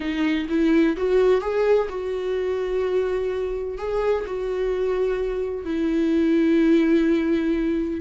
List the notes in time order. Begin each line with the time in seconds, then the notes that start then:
0.00 D#4
0.49 E4
0.96 F#4
1.41 G#4
1.89 F#4
3.78 G#4
4.26 F#4
5.64 E4